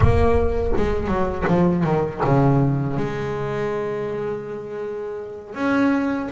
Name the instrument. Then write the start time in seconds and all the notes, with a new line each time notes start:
double bass
0.00 A#3
0.76 G#3
1.07 F#3
1.47 F3
1.84 D#3
2.24 C#3
2.96 G#3
5.54 C#4